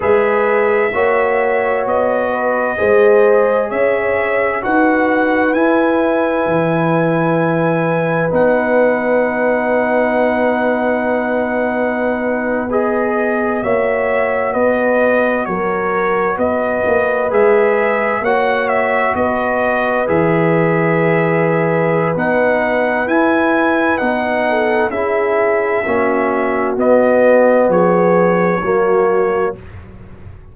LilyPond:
<<
  \new Staff \with { instrumentName = "trumpet" } { \time 4/4 \tempo 4 = 65 e''2 dis''2 | e''4 fis''4 gis''2~ | gis''4 fis''2.~ | fis''4.~ fis''16 dis''4 e''4 dis''16~ |
dis''8. cis''4 dis''4 e''4 fis''16~ | fis''16 e''8 dis''4 e''2~ e''16 | fis''4 gis''4 fis''4 e''4~ | e''4 dis''4 cis''2 | }
  \new Staff \with { instrumentName = "horn" } { \time 4/4 b'4 cis''4. b'8 c''4 | cis''4 b'2.~ | b'1~ | b'2~ b'8. cis''4 b'16~ |
b'8. ais'4 b'2 cis''16~ | cis''8. b'2.~ b'16~ | b'2~ b'8 a'8 gis'4 | fis'2 gis'4 fis'4 | }
  \new Staff \with { instrumentName = "trombone" } { \time 4/4 gis'4 fis'2 gis'4~ | gis'4 fis'4 e'2~ | e'4 dis'2.~ | dis'4.~ dis'16 gis'4 fis'4~ fis'16~ |
fis'2~ fis'8. gis'4 fis'16~ | fis'4.~ fis'16 gis'2~ gis'16 | dis'4 e'4 dis'4 e'4 | cis'4 b2 ais4 | }
  \new Staff \with { instrumentName = "tuba" } { \time 4/4 gis4 ais4 b4 gis4 | cis'4 dis'4 e'4 e4~ | e4 b2.~ | b2~ b8. ais4 b16~ |
b8. fis4 b8 ais8 gis4 ais16~ | ais8. b4 e2~ e16 | b4 e'4 b4 cis'4 | ais4 b4 f4 fis4 | }
>>